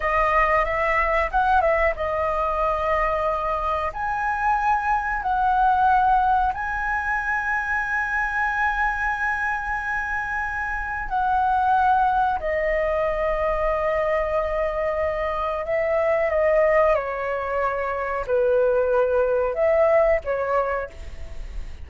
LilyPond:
\new Staff \with { instrumentName = "flute" } { \time 4/4 \tempo 4 = 92 dis''4 e''4 fis''8 e''8 dis''4~ | dis''2 gis''2 | fis''2 gis''2~ | gis''1~ |
gis''4 fis''2 dis''4~ | dis''1 | e''4 dis''4 cis''2 | b'2 e''4 cis''4 | }